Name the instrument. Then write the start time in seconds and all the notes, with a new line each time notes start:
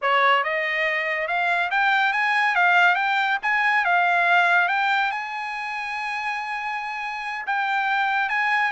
trumpet
0.01 C#5
0.43 D#5
1.27 F5
1.70 G5
2.12 G#5
2.55 F5
2.95 G5
3.42 G#5
3.85 F5
4.68 G5
5.11 G#5
7.46 G5
8.29 G#5